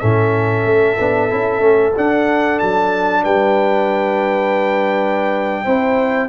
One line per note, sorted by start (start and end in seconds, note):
0.00 0.65 A2
0.00 0.98 C#4
0.00 3.23 A4
0.00 1.94 E5
0.65 0.98 A3
1.00 1.32 B3
1.00 1.30 D4
1.30 1.61 C#4
1.30 1.60 E4
1.60 1.93 A3
1.60 1.92 C#4
1.96 5.66 D4
1.96 2.62 D4
1.96 2.60 F#5
2.60 3.25 F#3
2.60 3.24 A5
3.24 5.67 G3
3.24 5.64 B4
3.24 6.29 G5
5.64 6.29 C4
5.64 6.29 E4
5.64 6.29 C5